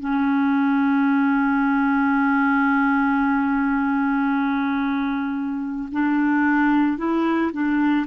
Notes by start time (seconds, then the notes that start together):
0.00 C#4
5.92 D4
6.98 E4
7.53 D4